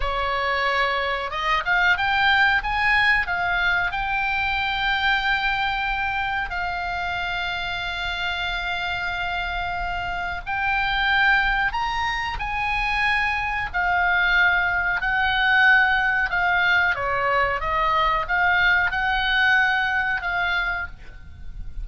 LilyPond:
\new Staff \with { instrumentName = "oboe" } { \time 4/4 \tempo 4 = 92 cis''2 dis''8 f''8 g''4 | gis''4 f''4 g''2~ | g''2 f''2~ | f''1 |
g''2 ais''4 gis''4~ | gis''4 f''2 fis''4~ | fis''4 f''4 cis''4 dis''4 | f''4 fis''2 f''4 | }